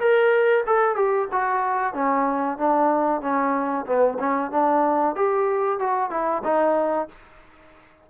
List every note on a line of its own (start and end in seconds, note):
0.00 0.65 A#4
0.67 0.96 A4
0.96 1.28 G4
1.33 1.94 F#4
1.94 2.58 C#4
2.58 3.22 D4
3.22 3.86 C#4
3.87 4.19 B3
4.20 4.52 C#4
4.52 5.16 D4
5.16 5.79 G4
5.79 6.11 F#4
6.11 6.43 E4
6.45 7.09 D#4